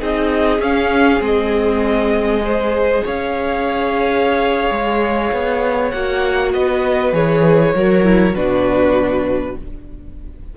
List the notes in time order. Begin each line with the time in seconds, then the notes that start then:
0.00 C4 D#4 G#4 D#5
0.59 C#4 F5
1.20 G#3 C4 D#5
2.44 G#4 C5
3.05 C#4 C#5 F5
4.71 G#3
5.32 B3
5.91 A#3 F#4 F#5
6.54 B3 B4 D#5
7.13 E3 G#4 C#5
7.75 F#3 F#4 A#4
8.05 E4
8.35 B2 D4 F#4 B4